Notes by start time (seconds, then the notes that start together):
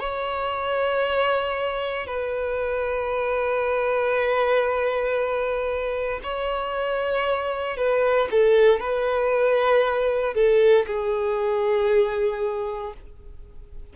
0.00 C#5
2.07 B4
6.23 C#5
7.77 B4
8.31 A4
8.80 B4
10.34 A4
10.87 G#4